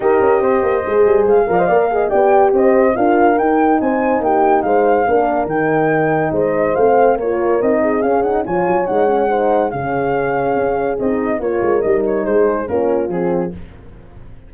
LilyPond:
<<
  \new Staff \with { instrumentName = "flute" } { \time 4/4 \tempo 4 = 142 dis''2. f''4~ | f''4 g''4 dis''4 f''4 | g''4 gis''4 g''4 f''4~ | f''4 g''2 dis''4 |
f''4 cis''4 dis''4 f''8 fis''8 | gis''4 fis''2 f''4~ | f''2 dis''4 cis''4 | dis''8 cis''8 c''4 ais'4 gis'4 | }
  \new Staff \with { instrumentName = "horn" } { \time 4/4 ais'4 c''2~ c''8 d''16 dis''16 | d''8 dis''8 d''4 c''4 ais'4~ | ais'4 c''4 g'4 c''4 | ais'2. c''4~ |
c''4 ais'4. gis'4. | cis''2 c''4 gis'4~ | gis'2. ais'4~ | ais'4 gis'4 f'2 | }
  \new Staff \with { instrumentName = "horn" } { \time 4/4 g'2 gis'4. ais'16 c''16 | ais'8 gis'8 g'2 f'4 | dis'1 | d'4 dis'2. |
c'4 f'4 dis'4 cis'8 dis'8 | f'4 dis'8 cis'8 dis'4 cis'4~ | cis'2 dis'4 f'4 | dis'2 cis'4 c'4 | }
  \new Staff \with { instrumentName = "tuba" } { \time 4/4 dis'8 cis'8 c'8 ais8 gis8 g8 gis8 f8 | ais4 b4 c'4 d'4 | dis'4 c'4 ais4 gis4 | ais4 dis2 gis4 |
a4 ais4 c'4 cis'4 | f8 fis8 gis2 cis4~ | cis4 cis'4 c'4 ais8 gis8 | g4 gis4 ais4 f4 | }
>>